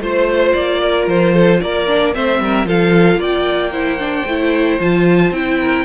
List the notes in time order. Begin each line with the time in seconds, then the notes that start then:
0.00 A3 F4 C5
0.54 A#3 D5
0.82 A#4
1.07 F3 C5
1.34 A4
1.61 A#3 A#4 D5
1.87 D4
2.13 A3 C4 C5 E5
2.39 G3 A#4
2.65 F3 F4 A4 F5
3.17 A#3 D5 G5
3.72 E4 C5
3.99 D4
4.26 A3 E4
4.80 F3 F4 A5
5.31 C4 E4 G5
5.61 A#4